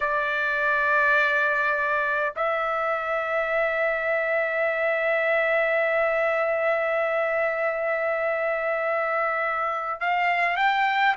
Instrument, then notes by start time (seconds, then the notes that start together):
trumpet
0.00 D5
2.36 E5
10.00 F5
10.56 G5